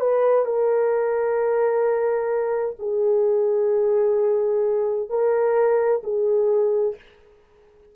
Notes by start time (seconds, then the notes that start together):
0.00 B4
0.46 A#4
2.79 G#4
5.10 A#4
6.04 G#4